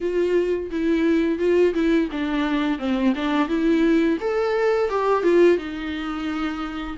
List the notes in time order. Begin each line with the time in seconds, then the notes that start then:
0.00 F4
0.70 E4
1.38 F4
1.73 E4
2.11 D4
2.78 C4
3.15 D4
3.48 E4
4.20 A4
4.89 G4
5.23 F4
5.57 D#4